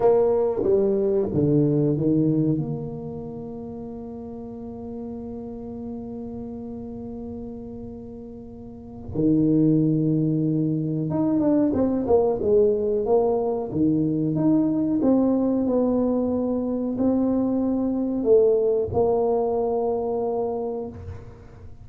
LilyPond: \new Staff \with { instrumentName = "tuba" } { \time 4/4 \tempo 4 = 92 ais4 g4 d4 dis4 | ais1~ | ais1~ | ais2 dis2~ |
dis4 dis'8 d'8 c'8 ais8 gis4 | ais4 dis4 dis'4 c'4 | b2 c'2 | a4 ais2. | }